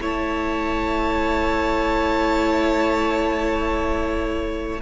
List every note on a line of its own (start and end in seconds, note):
0.00 4.80 A3
0.00 4.81 E4
0.00 4.81 C#5
0.00 4.81 A5